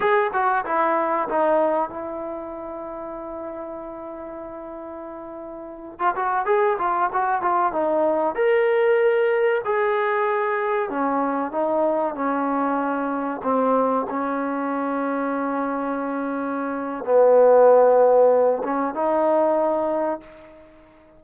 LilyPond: \new Staff \with { instrumentName = "trombone" } { \time 4/4 \tempo 4 = 95 gis'8 fis'8 e'4 dis'4 e'4~ | e'1~ | e'4. f'16 fis'8 gis'8 f'8 fis'8 f'16~ | f'16 dis'4 ais'2 gis'8.~ |
gis'4~ gis'16 cis'4 dis'4 cis'8.~ | cis'4~ cis'16 c'4 cis'4.~ cis'16~ | cis'2. b4~ | b4. cis'8 dis'2 | }